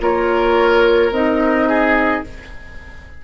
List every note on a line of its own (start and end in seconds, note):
0.00 1.11 A#3
0.00 1.11 F4
0.00 1.69 A#4
0.00 1.13 C#5
1.11 2.22 C4
1.11 2.25 D#4
1.11 2.24 D#5
1.69 2.24 G#4